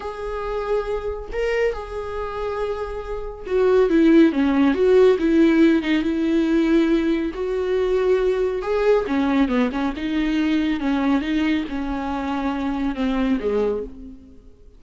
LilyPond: \new Staff \with { instrumentName = "viola" } { \time 4/4 \tempo 4 = 139 gis'2. ais'4 | gis'1 | fis'4 e'4 cis'4 fis'4 | e'4. dis'8 e'2~ |
e'4 fis'2. | gis'4 cis'4 b8 cis'8 dis'4~ | dis'4 cis'4 dis'4 cis'4~ | cis'2 c'4 gis4 | }